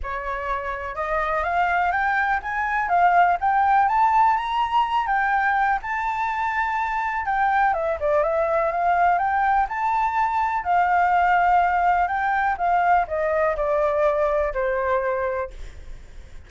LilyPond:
\new Staff \with { instrumentName = "flute" } { \time 4/4 \tempo 4 = 124 cis''2 dis''4 f''4 | g''4 gis''4 f''4 g''4 | a''4 ais''4. g''4. | a''2. g''4 |
e''8 d''8 e''4 f''4 g''4 | a''2 f''2~ | f''4 g''4 f''4 dis''4 | d''2 c''2 | }